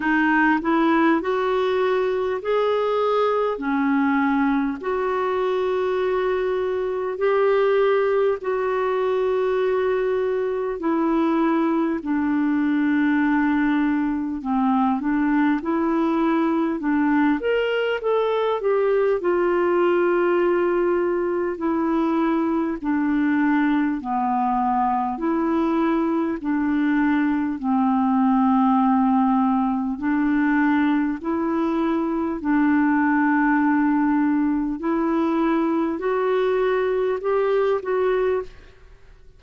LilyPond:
\new Staff \with { instrumentName = "clarinet" } { \time 4/4 \tempo 4 = 50 dis'8 e'8 fis'4 gis'4 cis'4 | fis'2 g'4 fis'4~ | fis'4 e'4 d'2 | c'8 d'8 e'4 d'8 ais'8 a'8 g'8 |
f'2 e'4 d'4 | b4 e'4 d'4 c'4~ | c'4 d'4 e'4 d'4~ | d'4 e'4 fis'4 g'8 fis'8 | }